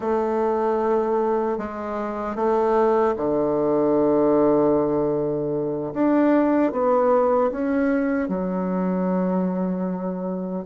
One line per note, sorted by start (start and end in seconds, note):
0.00 1.58 A3
1.58 2.35 G#3
2.35 3.14 A3
3.17 5.93 D3
5.93 6.71 D4
6.71 7.50 B3
7.51 8.28 C#4
8.28 10.65 F#3